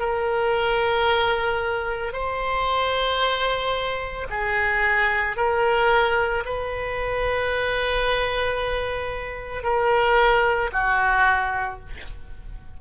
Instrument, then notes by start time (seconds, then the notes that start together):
oboe
0.00 A#4
2.13 C5
4.30 G#4
5.36 A#4
6.45 B4
9.63 A#4
10.72 F#4